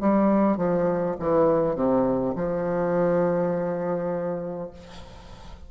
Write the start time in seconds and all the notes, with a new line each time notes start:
0.00 G3
0.57 F3
1.19 E3
1.75 C3
2.35 F3